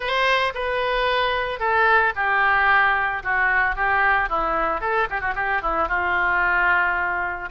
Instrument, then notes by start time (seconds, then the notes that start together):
oboe
0.00 C5
0.54 B4
1.59 A4
2.15 G4
3.23 F#4
3.75 G4
4.29 E4
4.81 A4
5.10 G4
5.20 F#4
5.35 G4
5.62 E4
5.88 F4